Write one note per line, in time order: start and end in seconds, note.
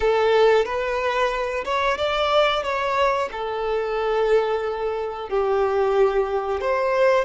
0.00 0.65 A4
0.65 1.64 B4
1.64 1.97 C#5
1.97 2.63 D5
2.63 3.29 C#5
3.31 5.29 A4
5.29 6.61 G4
6.61 7.25 C5